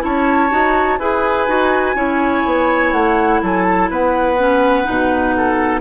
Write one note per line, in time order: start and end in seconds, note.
0.00 0.51 C#4
0.00 0.48 E4
0.00 0.99 C#5
0.00 0.98 A5
0.50 0.99 D#4
0.50 0.98 F#4
0.98 1.47 E4
0.98 1.48 G#4
0.98 1.96 B4
0.98 2.92 G#5
1.47 1.95 D#4
1.47 1.95 F#4
1.95 2.43 C#4
1.95 4.37 E4
1.95 3.41 C#5
2.45 2.92 B3
2.92 3.41 A3
2.92 3.40 F#5
3.42 3.90 F#3
3.42 3.90 A4
3.42 3.63 G#5
3.63 3.87 A5
3.90 4.86 B3
3.90 5.35 B4
3.90 5.80 F#5
4.37 4.84 C#4
4.84 5.80 B2
4.84 5.80 D#4
5.36 5.80 A4